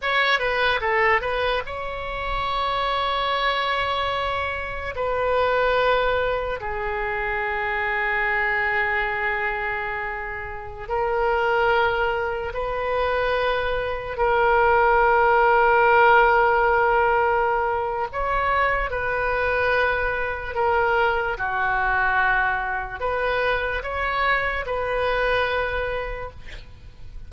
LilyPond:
\new Staff \with { instrumentName = "oboe" } { \time 4/4 \tempo 4 = 73 cis''8 b'8 a'8 b'8 cis''2~ | cis''2 b'2 | gis'1~ | gis'4~ gis'16 ais'2 b'8.~ |
b'4~ b'16 ais'2~ ais'8.~ | ais'2 cis''4 b'4~ | b'4 ais'4 fis'2 | b'4 cis''4 b'2 | }